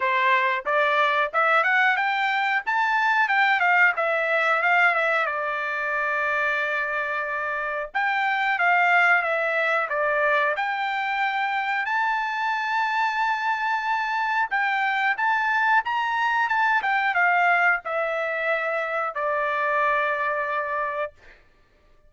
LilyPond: \new Staff \with { instrumentName = "trumpet" } { \time 4/4 \tempo 4 = 91 c''4 d''4 e''8 fis''8 g''4 | a''4 g''8 f''8 e''4 f''8 e''8 | d''1 | g''4 f''4 e''4 d''4 |
g''2 a''2~ | a''2 g''4 a''4 | ais''4 a''8 g''8 f''4 e''4~ | e''4 d''2. | }